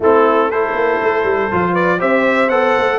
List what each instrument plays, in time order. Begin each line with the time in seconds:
0.00 tuba A3, trombone C4, horn E4, trumpet A4
0.49 trombone E4, horn A4, trumpet C5
0.72 tuba A#3
1.02 tuba A3
1.24 tuba G3
1.51 tuba F3, trombone F4
1.72 horn B4, trumpet D5
1.98 tuba C4, trombone G4, horn C5, trumpet E5
2.49 tuba B3, trombone A4, trumpet F#5
2.77 tuba A3